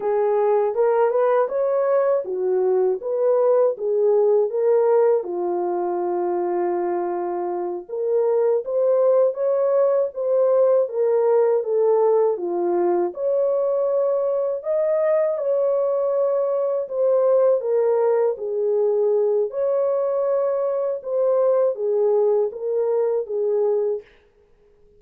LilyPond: \new Staff \with { instrumentName = "horn" } { \time 4/4 \tempo 4 = 80 gis'4 ais'8 b'8 cis''4 fis'4 | b'4 gis'4 ais'4 f'4~ | f'2~ f'8 ais'4 c''8~ | c''8 cis''4 c''4 ais'4 a'8~ |
a'8 f'4 cis''2 dis''8~ | dis''8 cis''2 c''4 ais'8~ | ais'8 gis'4. cis''2 | c''4 gis'4 ais'4 gis'4 | }